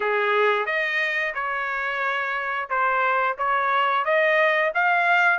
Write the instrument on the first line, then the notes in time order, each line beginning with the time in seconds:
trumpet
0.00 G#4
0.66 D#5
1.34 C#5
2.69 C5
3.37 C#5
4.04 D#5
4.74 F5